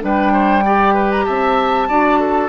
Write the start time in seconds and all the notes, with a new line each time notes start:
0.00 G3 D4 B4 G5
0.32 C5
0.65 G4 D5
0.94 B4
1.11 A#5
1.25 C4 E5 A5
1.88 D4 F#4 D5
2.19 A4